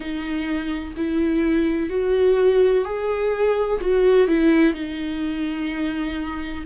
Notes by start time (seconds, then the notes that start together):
0.00 D#4
0.96 E4
1.89 F#4
2.84 G#4
3.81 F#4
4.27 E4
4.73 D#4